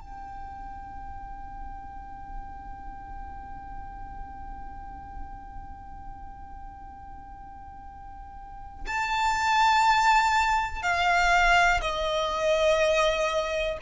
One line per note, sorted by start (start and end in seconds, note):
0.00 8.85 G5
8.86 10.82 A5
10.82 11.80 F5
11.81 13.77 D#5